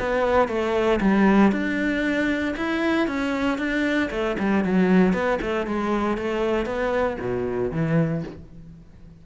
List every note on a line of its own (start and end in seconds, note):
0.00 0.49 B3
0.49 1.00 A3
1.01 1.52 G3
1.52 2.56 D4
2.57 3.08 E4
3.08 3.59 C#4
3.59 4.10 D4
4.11 4.37 A3
4.40 4.65 G3
4.65 5.14 F#3
5.14 5.40 B3
5.42 5.67 A3
5.67 6.18 G#3
6.18 6.66 A3
6.66 7.18 B3
7.21 7.72 B2
7.72 8.24 E3